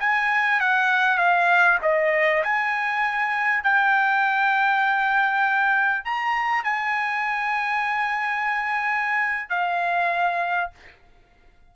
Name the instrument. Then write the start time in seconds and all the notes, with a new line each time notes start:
trumpet
0.00 G#5
0.60 F#5
1.18 F5
1.82 D#5
2.44 G#5
3.63 G5
6.05 A#5
6.64 G#5
9.50 F5